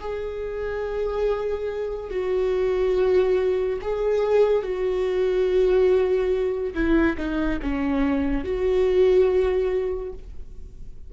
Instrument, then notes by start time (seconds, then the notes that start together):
viola
0.00 G#4
2.10 F#4
3.81 G#4
4.62 F#4
6.75 E4
7.18 D#4
7.62 C#4
8.44 F#4